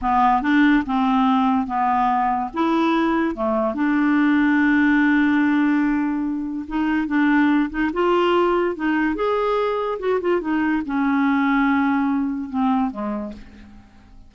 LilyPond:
\new Staff \with { instrumentName = "clarinet" } { \time 4/4 \tempo 4 = 144 b4 d'4 c'2 | b2 e'2 | a4 d'2.~ | d'1 |
dis'4 d'4. dis'8 f'4~ | f'4 dis'4 gis'2 | fis'8 f'8 dis'4 cis'2~ | cis'2 c'4 gis4 | }